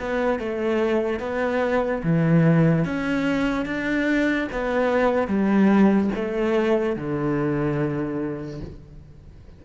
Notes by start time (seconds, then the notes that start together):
0.00 B3
0.39 A3
1.20 B3
2.03 E3
2.85 C#4
3.66 D4
4.52 B3
5.28 G3
6.15 A3
6.96 D3